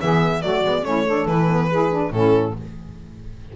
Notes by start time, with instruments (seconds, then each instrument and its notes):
0.00 double bass E3, saxophone B3 G#4, violin E5
0.40 double bass F#3, saxophone A3 F#4, violin D5
0.63 double bass G#3, saxophone B3
0.83 double bass A3, saxophone C#4 E4, violin C#5
1.06 saxophone D4 A4
1.26 double bass E3, saxophone E4, violin B4
1.48 saxophone B3
1.69 saxophone E4 G#4
1.90 saxophone D4
2.10 double bass A2, saxophone C#4 E4, violin A4